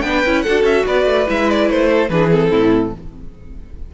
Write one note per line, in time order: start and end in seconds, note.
0.00 0.24 B3
0.00 0.24 D4
0.00 0.43 B4
0.00 0.41 G5
0.25 0.46 C#4
0.25 0.46 E4
0.41 1.26 F#4
0.41 0.84 A4
0.41 0.62 F#5
0.47 0.62 D4
0.62 0.83 C#4
0.62 0.85 E5
0.86 1.05 B3
0.86 1.88 B4
0.86 1.28 D5
1.05 1.26 A3
1.26 1.69 G#3
1.26 2.09 E4
1.26 1.49 E5
1.49 1.70 D5
1.69 2.09 A3
1.69 2.09 C5
1.88 2.09 A4
2.09 2.50 E3
2.09 2.30 D4
2.09 2.50 G#4
2.09 2.30 B4
2.30 2.92 C4
2.30 2.94 A4
2.50 2.92 A2
2.50 2.91 E4